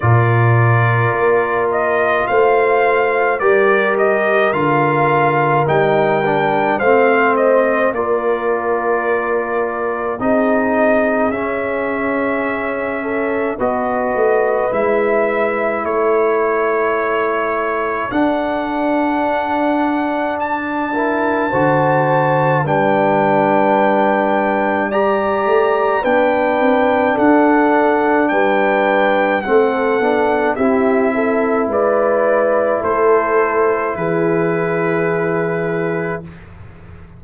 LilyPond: <<
  \new Staff \with { instrumentName = "trumpet" } { \time 4/4 \tempo 4 = 53 d''4. dis''8 f''4 d''8 dis''8 | f''4 g''4 f''8 dis''8 d''4~ | d''4 dis''4 e''2 | dis''4 e''4 cis''2 |
fis''2 a''2 | g''2 ais''4 g''4 | fis''4 g''4 fis''4 e''4 | d''4 c''4 b'2 | }
  \new Staff \with { instrumentName = "horn" } { \time 4/4 ais'2 c''4 ais'4~ | ais'2 c''4 ais'4~ | ais'4 gis'2~ gis'8 a'8 | b'2 a'2~ |
a'2~ a'8 ais'8 c''4 | b'2 d''4 b'4 | a'4 b'4 a'4 g'8 a'8 | b'4 a'4 gis'2 | }
  \new Staff \with { instrumentName = "trombone" } { \time 4/4 f'2. g'4 | f'4 dis'8 d'8 c'4 f'4~ | f'4 dis'4 cis'2 | fis'4 e'2. |
d'2~ d'8 e'8 fis'4 | d'2 g'4 d'4~ | d'2 c'8 d'8 e'4~ | e'1 | }
  \new Staff \with { instrumentName = "tuba" } { \time 4/4 ais,4 ais4 a4 g4 | d4 g4 a4 ais4~ | ais4 c'4 cis'2 | b8 a8 gis4 a2 |
d'2. d4 | g2~ g8 a8 b8 c'8 | d'4 g4 a8 b8 c'4 | gis4 a4 e2 | }
>>